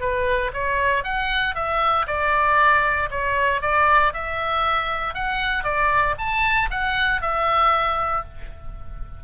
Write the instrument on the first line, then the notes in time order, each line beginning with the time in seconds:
oboe
0.00 B4
0.53 C#5
1.03 F#5
1.55 E5
2.07 D5
3.10 C#5
3.61 D5
4.13 E5
5.14 F#5
5.63 D5
6.18 A5
6.70 F#5
7.21 E5